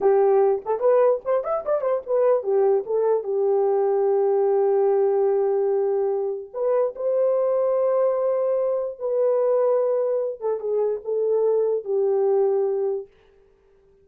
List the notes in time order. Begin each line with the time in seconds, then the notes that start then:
0.01 G4
0.65 A4
0.80 B4
1.24 C5
1.44 E5
1.65 D5
1.81 C5
2.06 B4
2.43 G4
2.86 A4
3.23 G4
6.53 B4
6.95 C5
8.99 B4
10.40 A4
10.60 G#4
11.04 A4
11.84 G4